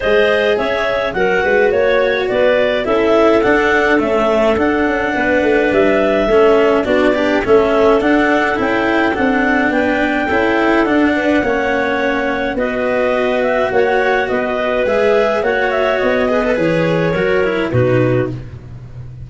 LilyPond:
<<
  \new Staff \with { instrumentName = "clarinet" } { \time 4/4 \tempo 4 = 105 dis''4 e''4 fis''4 cis''4 | d''4 e''4 fis''4 e''4 | fis''2 e''2 | d''4 e''4 fis''4 g''4 |
fis''4 g''2 fis''4~ | fis''2 dis''4. e''8 | fis''4 dis''4 e''4 fis''8 e''8 | dis''4 cis''2 b'4 | }
  \new Staff \with { instrumentName = "clarinet" } { \time 4/4 c''4 cis''4 ais'8 b'8 cis''4 | b'4 a'2.~ | a'4 b'2 a'4 | fis'8 d'8 a'2.~ |
a'4 b'4 a'4. b'8 | cis''2 b'2 | cis''4 b'2 cis''4~ | cis''8 b'4. ais'4 fis'4 | }
  \new Staff \with { instrumentName = "cello" } { \time 4/4 gis'2 fis'2~ | fis'4 e'4 d'4 a4 | d'2. cis'4 | d'8 g'8 cis'4 d'4 e'4 |
d'2 e'4 d'4 | cis'2 fis'2~ | fis'2 gis'4 fis'4~ | fis'8 gis'16 a'16 gis'4 fis'8 e'8 dis'4 | }
  \new Staff \with { instrumentName = "tuba" } { \time 4/4 gis4 cis'4 fis8 gis8 ais4 | b4 cis'4 d'4 cis'4 | d'8 cis'8 b8 a8 g4 a4 | b4 a4 d'4 cis'4 |
c'4 b4 cis'4 d'4 | ais2 b2 | ais4 b4 gis4 ais4 | b4 e4 fis4 b,4 | }
>>